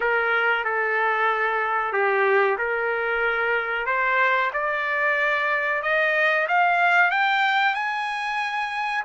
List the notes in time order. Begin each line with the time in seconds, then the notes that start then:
0.00 A#4
0.64 A4
1.92 G4
2.58 A#4
3.86 C5
4.53 D5
5.82 D#5
6.48 F5
7.10 G5
7.74 G#5